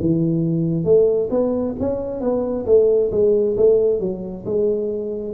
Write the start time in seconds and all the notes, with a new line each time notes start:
0.00 E3
0.84 A3
1.30 B3
1.80 C#4
2.20 B3
2.65 A3
3.11 G#3
3.57 A3
4.00 F#3
4.45 G#3